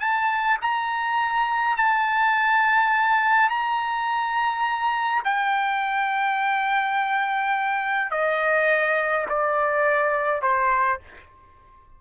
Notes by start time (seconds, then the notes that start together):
0.00 A5
0.61 A#5
1.76 A5
3.49 A#5
5.24 G5
8.11 D#5
9.29 D5
10.42 C5